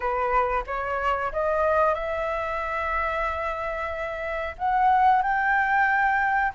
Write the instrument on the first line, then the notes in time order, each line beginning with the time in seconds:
flute
0.00 B4
0.66 C#5
1.32 D#5
1.94 E5
4.57 F#5
5.22 G5